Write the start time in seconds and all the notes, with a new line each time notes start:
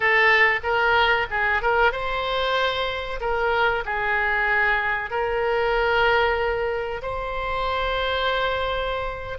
0.00 A4
0.63 A#4
1.30 G#4
1.62 A#4
1.92 C5
3.20 A#4
3.85 G#4
5.10 A#4
7.02 C5